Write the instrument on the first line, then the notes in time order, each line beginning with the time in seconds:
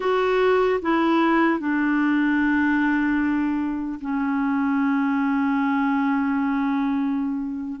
clarinet
0.00 F#4
0.82 E4
1.59 D4
4.00 C#4